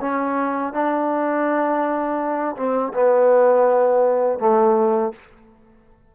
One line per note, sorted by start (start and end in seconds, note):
0.00 0.73 C#4
0.73 2.56 D4
2.56 2.92 C4
2.93 4.39 B3
4.39 5.12 A3